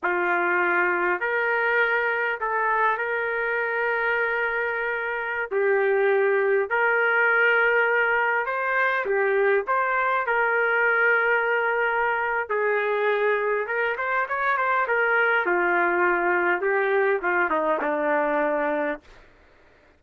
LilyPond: \new Staff \with { instrumentName = "trumpet" } { \time 4/4 \tempo 4 = 101 f'2 ais'2 | a'4 ais'2.~ | ais'4~ ais'16 g'2 ais'8.~ | ais'2~ ais'16 c''4 g'8.~ |
g'16 c''4 ais'2~ ais'8.~ | ais'4 gis'2 ais'8 c''8 | cis''8 c''8 ais'4 f'2 | g'4 f'8 dis'8 d'2 | }